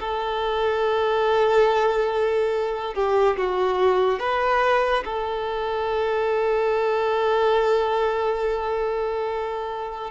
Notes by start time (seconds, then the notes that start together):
0.00 A4
2.95 G4
3.37 F#4
4.19 B4
5.05 A4